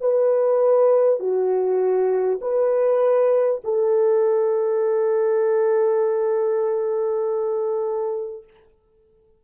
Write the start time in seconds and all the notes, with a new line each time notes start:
0.00 B4
1.19 F#4
2.41 B4
3.64 A4